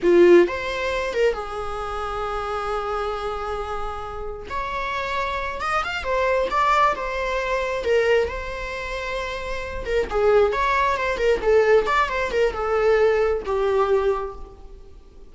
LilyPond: \new Staff \with { instrumentName = "viola" } { \time 4/4 \tempo 4 = 134 f'4 c''4. ais'8 gis'4~ | gis'1~ | gis'2 cis''2~ | cis''8 dis''8 f''8 c''4 d''4 c''8~ |
c''4. ais'4 c''4.~ | c''2 ais'8 gis'4 cis''8~ | cis''8 c''8 ais'8 a'4 d''8 c''8 ais'8 | a'2 g'2 | }